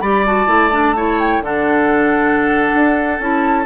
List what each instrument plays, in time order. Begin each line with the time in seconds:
0.00 bassoon G3, clarinet G4, oboe D5, flute B5
0.26 clarinet F#4, flute A5
0.47 bassoon A3, clarinet E4
0.71 clarinet D4
0.96 clarinet E4, oboe C#5
1.19 flute G5
1.41 bassoon D3, clarinet D4, oboe A4, flute F#5
2.74 bassoon D4
3.19 bassoon C#4, clarinet E4, flute A5